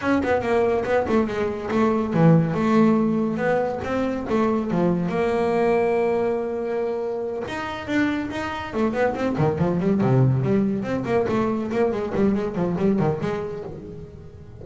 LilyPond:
\new Staff \with { instrumentName = "double bass" } { \time 4/4 \tempo 4 = 141 cis'8 b8 ais4 b8 a8 gis4 | a4 e4 a2 | b4 c'4 a4 f4 | ais1~ |
ais4. dis'4 d'4 dis'8~ | dis'8 a8 b8 c'8 dis8 f8 g8 c8~ | c8 g4 c'8 ais8 a4 ais8 | gis8 g8 gis8 f8 g8 dis8 gis4 | }